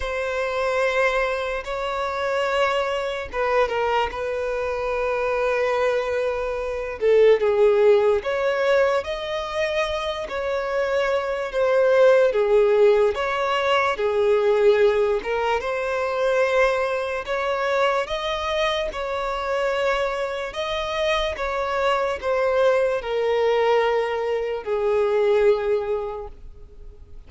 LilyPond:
\new Staff \with { instrumentName = "violin" } { \time 4/4 \tempo 4 = 73 c''2 cis''2 | b'8 ais'8 b'2.~ | b'8 a'8 gis'4 cis''4 dis''4~ | dis''8 cis''4. c''4 gis'4 |
cis''4 gis'4. ais'8 c''4~ | c''4 cis''4 dis''4 cis''4~ | cis''4 dis''4 cis''4 c''4 | ais'2 gis'2 | }